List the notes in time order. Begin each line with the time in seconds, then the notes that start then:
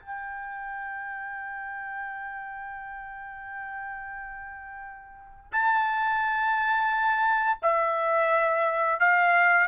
0.00 G5
5.52 A5
7.62 E5
9.00 F5